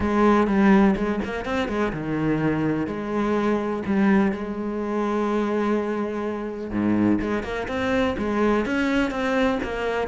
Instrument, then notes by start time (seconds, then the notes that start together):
cello
0.00 G#3
0.47 G3
0.96 G#3
1.24 A#3
1.45 C4
1.68 G#3
1.92 D#3
2.86 G#3
3.86 G3
4.32 G#3
6.71 G#2
7.21 G#3
7.43 A#3
7.68 C4
8.18 G#3
8.65 C#4
9.11 C4
9.63 A#3